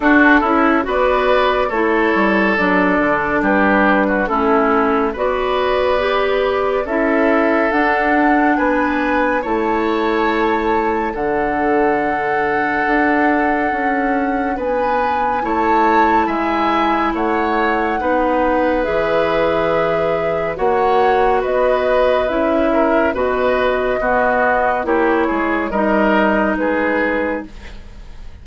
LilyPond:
<<
  \new Staff \with { instrumentName = "flute" } { \time 4/4 \tempo 4 = 70 a'4 d''4 cis''4 d''4 | b'4 a'4 d''2 | e''4 fis''4 gis''4 a''4~ | a''4 fis''2.~ |
fis''4 gis''4 a''4 gis''4 | fis''2 e''2 | fis''4 dis''4 e''4 dis''4~ | dis''4 cis''4 dis''4 b'4 | }
  \new Staff \with { instrumentName = "oboe" } { \time 4/4 fis'8 e'8 b'4 a'2 | g'8. fis'16 e'4 b'2 | a'2 b'4 cis''4~ | cis''4 a'2.~ |
a'4 b'4 cis''4 e''4 | cis''4 b'2. | cis''4 b'4. ais'8 b'4 | fis'4 g'8 gis'8 ais'4 gis'4 | }
  \new Staff \with { instrumentName = "clarinet" } { \time 4/4 d'8 e'8 fis'4 e'4 d'4~ | d'4 cis'4 fis'4 g'4 | e'4 d'2 e'4~ | e'4 d'2.~ |
d'2 e'2~ | e'4 dis'4 gis'2 | fis'2 e'4 fis'4 | b4 e'4 dis'2 | }
  \new Staff \with { instrumentName = "bassoon" } { \time 4/4 d'8 cis'8 b4 a8 g8 fis8 d8 | g4 a4 b2 | cis'4 d'4 b4 a4~ | a4 d2 d'4 |
cis'4 b4 a4 gis4 | a4 b4 e2 | ais4 b4 cis'4 b,4 | b4 ais8 gis8 g4 gis4 | }
>>